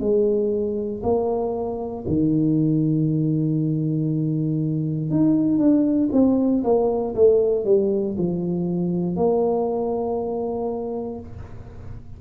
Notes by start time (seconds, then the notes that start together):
0.00 G#3
1.03 A#3
2.08 D#3
5.10 D#4
5.58 D4
6.12 C4
6.64 A#3
7.15 A3
7.65 G3
8.18 F3
9.16 A#3